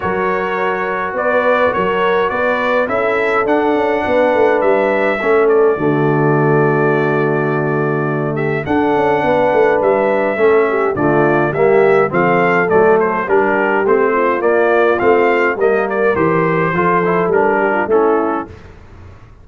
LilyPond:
<<
  \new Staff \with { instrumentName = "trumpet" } { \time 4/4 \tempo 4 = 104 cis''2 d''4 cis''4 | d''4 e''4 fis''2 | e''4. d''2~ d''8~ | d''2~ d''8 e''8 fis''4~ |
fis''4 e''2 d''4 | e''4 f''4 d''8 c''8 ais'4 | c''4 d''4 f''4 dis''8 d''8 | c''2 ais'4 a'4 | }
  \new Staff \with { instrumentName = "horn" } { \time 4/4 ais'2 b'4 ais'4 | b'4 a'2 b'4~ | b'4 a'4 fis'2~ | fis'2~ fis'8 g'8 a'4 |
b'2 a'8 g'8 f'4 | g'4 a'2 g'4~ | g'8 f'2~ f'8 ais'4~ | ais'4 a'4. g'16 f'16 e'4 | }
  \new Staff \with { instrumentName = "trombone" } { \time 4/4 fis'1~ | fis'4 e'4 d'2~ | d'4 cis'4 a2~ | a2. d'4~ |
d'2 cis'4 a4 | ais4 c'4 a4 d'4 | c'4 ais4 c'4 ais4 | g'4 f'8 e'8 d'4 cis'4 | }
  \new Staff \with { instrumentName = "tuba" } { \time 4/4 fis2 b4 fis4 | b4 cis'4 d'8 cis'8 b8 a8 | g4 a4 d2~ | d2. d'8 cis'8 |
b8 a8 g4 a4 d4 | g4 f4 fis4 g4 | a4 ais4 a4 g4 | e4 f4 g4 a4 | }
>>